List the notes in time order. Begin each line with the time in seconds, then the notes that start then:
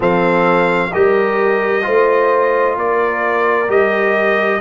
0.00 F3 C4 A4 F5
0.93 G3 G4 A#4 D#5
1.82 A3 F4 C5
2.77 A#3 A#4 D5
3.67 G3 G4 D#5